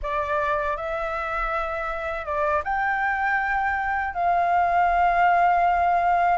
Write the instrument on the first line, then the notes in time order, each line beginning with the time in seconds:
flute
0.02 D5
0.76 E5
2.25 D5
2.64 G5
4.14 F5